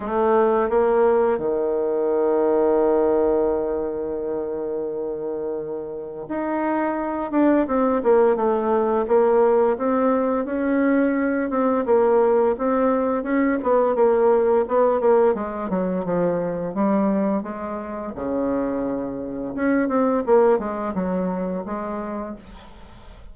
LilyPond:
\new Staff \with { instrumentName = "bassoon" } { \time 4/4 \tempo 4 = 86 a4 ais4 dis2~ | dis1~ | dis4 dis'4. d'8 c'8 ais8 | a4 ais4 c'4 cis'4~ |
cis'8 c'8 ais4 c'4 cis'8 b8 | ais4 b8 ais8 gis8 fis8 f4 | g4 gis4 cis2 | cis'8 c'8 ais8 gis8 fis4 gis4 | }